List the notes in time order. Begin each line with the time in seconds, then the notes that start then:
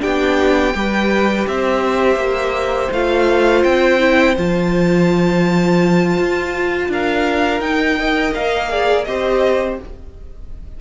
0.00 B3 D4 G4 G5
0.75 G3 G4 B4
1.47 C4 C5 E5
2.16 A#3
2.92 A3 F4 F5
3.63 C4 G5
3.99 E4
4.37 F3 F4 A5
6.18 F4
6.88 D4 A#4 F5
7.60 D#4 G5
7.99 A#4 D#5
8.34 A#3 F5
8.70 G#4 D5
9.04 C4 G4 C5 D#5